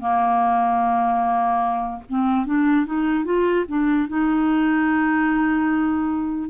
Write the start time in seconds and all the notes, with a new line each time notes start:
0.00 A#3
2.09 C4
2.46 D4
2.86 D#4
3.25 F4
3.68 D4
4.08 D#4